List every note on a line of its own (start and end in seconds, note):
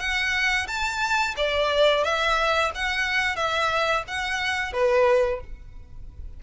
0.00 0.67 F#5
0.68 1.35 A5
1.37 2.04 D5
2.04 2.72 E5
2.75 3.36 F#5
3.36 4.04 E5
4.08 4.73 F#5
4.73 5.41 B4